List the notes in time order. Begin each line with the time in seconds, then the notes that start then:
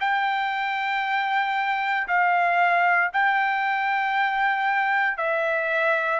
0.00 G5
2.07 F5
3.13 G5
5.17 E5